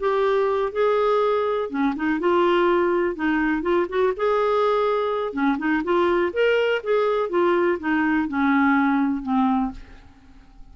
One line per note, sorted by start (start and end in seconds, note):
0.00 0.72 G4
0.72 1.70 G#4
1.70 1.94 C#4
1.96 2.20 D#4
2.20 3.15 F4
3.15 3.62 D#4
3.62 3.86 F4
3.89 4.13 F#4
4.16 5.33 G#4
5.33 5.57 C#4
5.58 5.82 D#4
5.84 6.32 F4
6.33 6.82 A#4
6.83 7.29 G#4
7.29 7.78 F4
7.79 8.28 D#4
8.28 9.23 C#4
9.23 9.71 C4